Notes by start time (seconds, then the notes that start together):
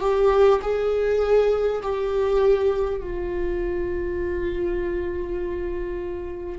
0.00 G4
0.62 G#4
1.82 G4
3.00 F4